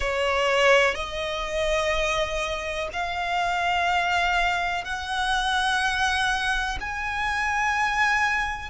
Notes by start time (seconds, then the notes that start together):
0.00 C#5
0.94 D#5
2.93 F5
4.84 F#5
6.80 G#5